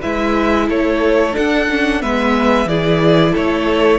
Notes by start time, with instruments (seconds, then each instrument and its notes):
0.00 cello G#3, viola E4, violin B4 E5
0.68 cello A3, violin A4 C#5
1.32 viola D4, cello D4, violin F#5
1.69 viola C#4
2.00 cello G#3, viola B3, violin B4 E5
2.65 cello E3, viola E4, violin G#4 D5
3.32 cello A3, violin A4 C#5